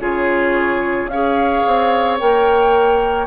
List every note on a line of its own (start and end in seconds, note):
0.00 1.07 C#3
0.00 1.09 F4
0.00 1.11 G#4
0.00 1.09 C#5
1.07 1.62 C#4
1.07 2.19 G#4
1.07 3.27 C#5
1.07 2.18 F5
1.67 2.21 C4
2.19 3.27 A#3
2.19 3.27 A#4
2.19 3.27 G5